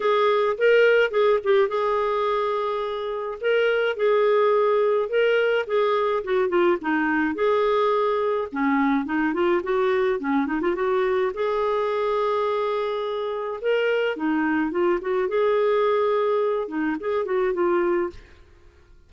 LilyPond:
\new Staff \with { instrumentName = "clarinet" } { \time 4/4 \tempo 4 = 106 gis'4 ais'4 gis'8 g'8 gis'4~ | gis'2 ais'4 gis'4~ | gis'4 ais'4 gis'4 fis'8 f'8 | dis'4 gis'2 cis'4 |
dis'8 f'8 fis'4 cis'8 dis'16 f'16 fis'4 | gis'1 | ais'4 dis'4 f'8 fis'8 gis'4~ | gis'4. dis'8 gis'8 fis'8 f'4 | }